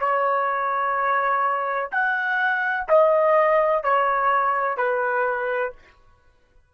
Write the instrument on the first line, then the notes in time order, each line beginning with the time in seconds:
trumpet
0.00 C#5
1.92 F#5
2.89 D#5
3.84 C#5
4.77 B4